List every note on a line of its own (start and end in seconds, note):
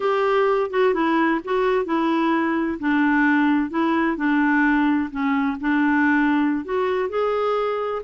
0.00 0.70 G4
0.70 0.93 F#4
0.93 1.40 E4
1.44 1.85 F#4
1.85 2.78 E4
2.79 3.70 D4
3.70 4.16 E4
4.16 5.10 D4
5.10 5.57 C#4
5.60 6.64 D4
6.64 7.09 F#4
7.09 8.02 G#4